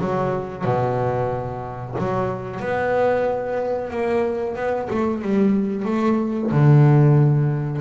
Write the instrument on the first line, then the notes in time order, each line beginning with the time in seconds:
double bass
0.00 F#3
0.64 B2
1.98 F#3
2.60 B3
3.91 A#3
4.56 B3
4.90 A3
5.22 G3
5.85 A3
6.51 D3